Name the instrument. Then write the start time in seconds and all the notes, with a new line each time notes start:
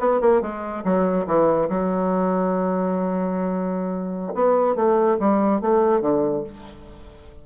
bassoon
0.00 B3
0.21 A#3
0.42 G#3
0.85 F#3
1.27 E3
1.69 F#3
4.35 B3
4.76 A3
5.20 G3
5.62 A3
6.02 D3